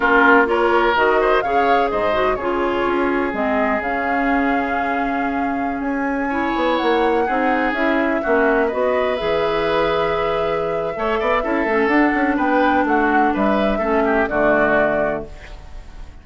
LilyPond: <<
  \new Staff \with { instrumentName = "flute" } { \time 4/4 \tempo 4 = 126 ais'4 cis''4 dis''4 f''4 | dis''4 cis''2 dis''4 | f''1~ | f''16 gis''2 fis''4.~ fis''16~ |
fis''16 e''2 dis''4 e''8.~ | e''1~ | e''4 fis''4 g''4 fis''4 | e''2 d''2 | }
  \new Staff \with { instrumentName = "oboe" } { \time 4/4 f'4 ais'4. c''8 cis''4 | c''4 gis'2.~ | gis'1~ | gis'4~ gis'16 cis''2 gis'8.~ |
gis'4~ gis'16 fis'4 b'4.~ b'16~ | b'2. cis''8 d''8 | a'2 b'4 fis'4 | b'4 a'8 g'8 fis'2 | }
  \new Staff \with { instrumentName = "clarinet" } { \time 4/4 cis'4 f'4 fis'4 gis'4~ | gis'8 fis'8 f'2 c'4 | cis'1~ | cis'4~ cis'16 e'2 dis'8.~ |
dis'16 e'4 cis'4 fis'4 gis'8.~ | gis'2. a'4 | e'8 cis'8 d'2.~ | d'4 cis'4 a2 | }
  \new Staff \with { instrumentName = "bassoon" } { \time 4/4 ais2 dis4 cis4 | gis,4 cis4 cis'4 gis4 | cis1~ | cis16 cis'4. b8 ais4 c'8.~ |
c'16 cis'4 ais4 b4 e8.~ | e2. a8 b8 | cis'8 a8 d'8 cis'8 b4 a4 | g4 a4 d2 | }
>>